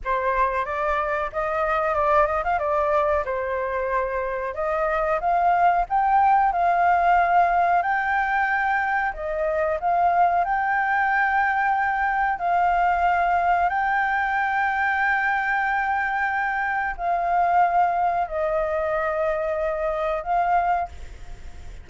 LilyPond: \new Staff \with { instrumentName = "flute" } { \time 4/4 \tempo 4 = 92 c''4 d''4 dis''4 d''8 dis''16 f''16 | d''4 c''2 dis''4 | f''4 g''4 f''2 | g''2 dis''4 f''4 |
g''2. f''4~ | f''4 g''2.~ | g''2 f''2 | dis''2. f''4 | }